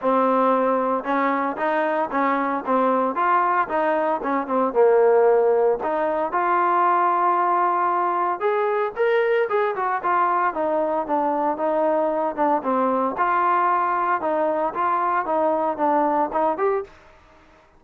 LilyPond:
\new Staff \with { instrumentName = "trombone" } { \time 4/4 \tempo 4 = 114 c'2 cis'4 dis'4 | cis'4 c'4 f'4 dis'4 | cis'8 c'8 ais2 dis'4 | f'1 |
gis'4 ais'4 gis'8 fis'8 f'4 | dis'4 d'4 dis'4. d'8 | c'4 f'2 dis'4 | f'4 dis'4 d'4 dis'8 g'8 | }